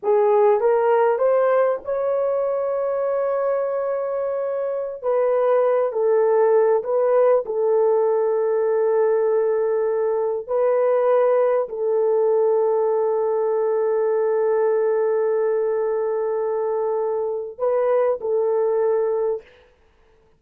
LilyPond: \new Staff \with { instrumentName = "horn" } { \time 4/4 \tempo 4 = 99 gis'4 ais'4 c''4 cis''4~ | cis''1~ | cis''16 b'4. a'4. b'8.~ | b'16 a'2.~ a'8.~ |
a'4~ a'16 b'2 a'8.~ | a'1~ | a'1~ | a'4 b'4 a'2 | }